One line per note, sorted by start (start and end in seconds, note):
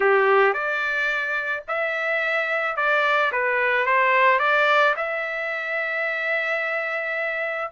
0.00 0.53 G4
0.53 1.63 D5
1.68 2.76 E5
2.76 3.31 D5
3.32 3.86 B4
3.86 4.39 C5
4.39 4.94 D5
4.96 7.71 E5